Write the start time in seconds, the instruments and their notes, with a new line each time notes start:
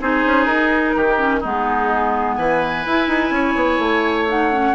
0.00 bassoon C4, clarinet D#4, oboe G#4, flute C5
0.25 bassoon C#4
0.45 bassoon D#4, flute A#4
0.96 bassoon D#3, oboe G4
1.17 clarinet C#4
1.40 bassoon G#3, clarinet B3, oboe D#4, flute G#4
2.34 bassoon E3, oboe B4, flute G#5
2.85 bassoon E4, clarinet E4
3.07 bassoon D#4
3.30 bassoon C#4, oboe C#5
3.55 bassoon B3
3.78 bassoon A3
4.28 clarinet D#4, flute F#5
4.52 clarinet C#4